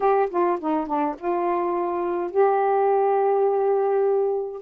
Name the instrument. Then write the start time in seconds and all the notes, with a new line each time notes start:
saxophone
0.00 G4
0.30 F4
0.60 D#4
0.86 D4
1.18 F4
2.30 G4